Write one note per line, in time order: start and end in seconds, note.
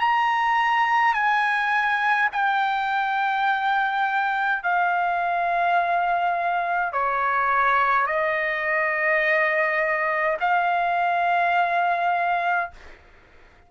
0.00 1.14 A#5
1.14 2.29 G#5
2.32 4.63 G5
4.63 6.93 F5
6.93 8.07 C#5
8.07 10.37 D#5
10.40 12.71 F5